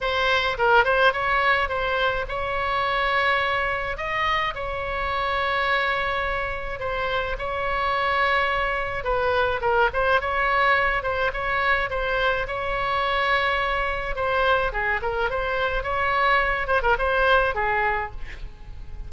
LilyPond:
\new Staff \with { instrumentName = "oboe" } { \time 4/4 \tempo 4 = 106 c''4 ais'8 c''8 cis''4 c''4 | cis''2. dis''4 | cis''1 | c''4 cis''2. |
b'4 ais'8 c''8 cis''4. c''8 | cis''4 c''4 cis''2~ | cis''4 c''4 gis'8 ais'8 c''4 | cis''4. c''16 ais'16 c''4 gis'4 | }